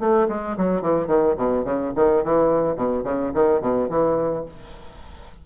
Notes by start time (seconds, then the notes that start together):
0.00 A3
0.29 G#3
0.57 F#3
0.82 E3
1.08 D#3
1.37 B2
1.65 C#3
1.96 D#3
2.24 E3
2.76 B2
3.04 C#3
3.34 D#3
3.61 B2
3.90 E3